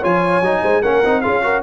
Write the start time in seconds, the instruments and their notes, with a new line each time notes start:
0.00 tuba F3, trombone F4, horn C#5, trumpet G#5
0.41 tuba F#3, trombone D#4
0.62 tuba G#3, horn C5
0.82 tuba A#3, trombone C#4, horn A#4, trumpet F#5
1.04 tuba C4, trombone D#4
1.21 tuba C#4, trombone F4, horn G#4, trumpet F5
1.43 trombone F#4, horn A#4